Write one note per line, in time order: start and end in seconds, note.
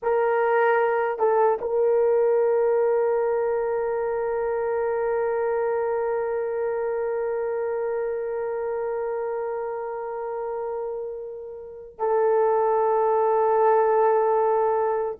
0.02 1.18 A#4
1.18 1.58 A4
1.61 11.98 A#4
11.98 15.18 A4